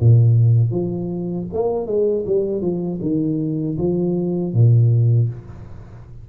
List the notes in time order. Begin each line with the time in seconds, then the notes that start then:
0.00 A#2
0.71 F3
1.53 A#3
1.86 G#3
2.26 G3
2.61 F3
3.01 D#3
3.78 F3
4.53 A#2